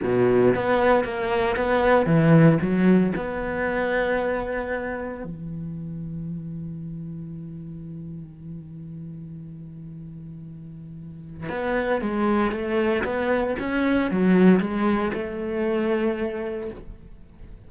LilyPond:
\new Staff \with { instrumentName = "cello" } { \time 4/4 \tempo 4 = 115 b,4 b4 ais4 b4 | e4 fis4 b2~ | b2 e2~ | e1~ |
e1~ | e2 b4 gis4 | a4 b4 cis'4 fis4 | gis4 a2. | }